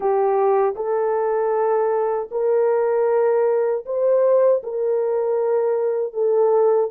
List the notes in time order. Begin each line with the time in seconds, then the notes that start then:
0.00 G4
0.75 A4
2.31 A#4
3.85 C5
4.63 A#4
6.13 A4